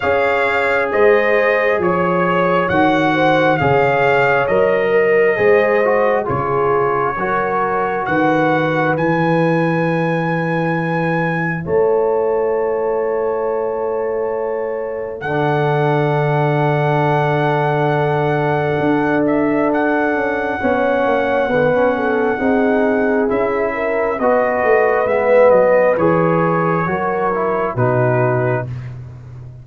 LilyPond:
<<
  \new Staff \with { instrumentName = "trumpet" } { \time 4/4 \tempo 4 = 67 f''4 dis''4 cis''4 fis''4 | f''4 dis''2 cis''4~ | cis''4 fis''4 gis''2~ | gis''4 a''2.~ |
a''4 fis''2.~ | fis''4. e''8 fis''2~ | fis''2 e''4 dis''4 | e''8 dis''8 cis''2 b'4 | }
  \new Staff \with { instrumentName = "horn" } { \time 4/4 cis''4 c''4 cis''4. c''8 | cis''4. ais'8 c''4 gis'4 | ais'4 b'2.~ | b'4 cis''2.~ |
cis''4 a'2.~ | a'2. cis''4 | b'8 a'8 gis'4. ais'8 b'4~ | b'2 ais'4 fis'4 | }
  \new Staff \with { instrumentName = "trombone" } { \time 4/4 gis'2. fis'4 | gis'4 ais'4 gis'8 fis'8 f'4 | fis'2 e'2~ | e'1~ |
e'4 d'2.~ | d'2. cis'4 | d16 cis'8. dis'4 e'4 fis'4 | b4 gis'4 fis'8 e'8 dis'4 | }
  \new Staff \with { instrumentName = "tuba" } { \time 4/4 cis'4 gis4 f4 dis4 | cis4 fis4 gis4 cis4 | fis4 dis4 e2~ | e4 a2.~ |
a4 d2.~ | d4 d'4. cis'8 b8 ais8 | b4 c'4 cis'4 b8 a8 | gis8 fis8 e4 fis4 b,4 | }
>>